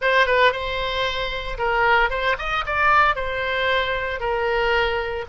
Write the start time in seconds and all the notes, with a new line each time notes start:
0.01 C5
0.26 B4
0.52 C5
1.58 A#4
2.10 C5
2.38 D#5
2.66 D5
3.15 C5
4.20 A#4